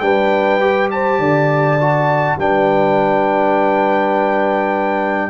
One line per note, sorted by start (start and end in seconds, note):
0.00 1.19 G3
0.00 0.61 D4
0.00 0.91 B4
0.00 0.88 G5
0.61 1.78 G4
0.91 1.19 C5
0.91 2.38 A5
1.19 2.37 D3
1.19 2.37 D5
1.80 2.38 F#4
2.38 5.29 G3
2.38 5.29 D4
2.38 5.29 B4
2.38 5.29 G5